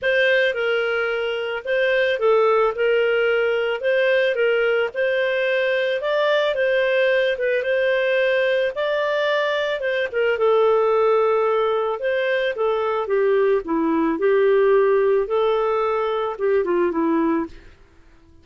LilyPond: \new Staff \with { instrumentName = "clarinet" } { \time 4/4 \tempo 4 = 110 c''4 ais'2 c''4 | a'4 ais'2 c''4 | ais'4 c''2 d''4 | c''4. b'8 c''2 |
d''2 c''8 ais'8 a'4~ | a'2 c''4 a'4 | g'4 e'4 g'2 | a'2 g'8 f'8 e'4 | }